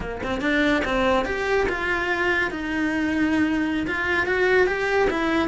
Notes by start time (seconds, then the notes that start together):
0.00 A#3
0.23 C4
0.41 D4
0.84 C4
1.25 G4
1.68 F4
2.51 D#4
3.87 F4
4.26 F#4
4.66 G4
5.10 E4